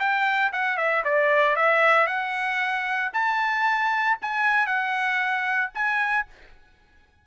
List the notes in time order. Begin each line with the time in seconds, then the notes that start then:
0.00 G5
0.53 F#5
0.78 E5
1.05 D5
1.57 E5
2.07 F#5
3.14 A5
4.22 G#5
4.67 F#5
5.75 G#5